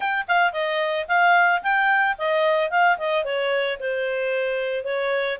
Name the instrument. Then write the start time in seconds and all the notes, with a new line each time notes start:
clarinet
0.00 G5
0.28 F5
0.52 D#5
1.08 F5
1.62 G5
2.18 D#5
2.70 F5
2.97 D#5
3.24 C#5
3.79 C5
4.84 C#5